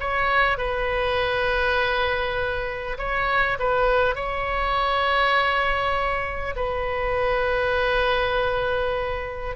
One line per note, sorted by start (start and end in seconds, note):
0.00 0.58 C#5
0.58 2.98 B4
2.98 3.58 C#5
3.59 4.15 B4
4.15 6.55 C#5
6.56 9.56 B4